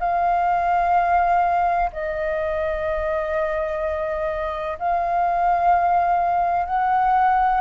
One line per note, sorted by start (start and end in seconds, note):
0.00 1.90 F5
1.93 4.79 D#5
4.79 6.66 F5
6.66 7.61 F#5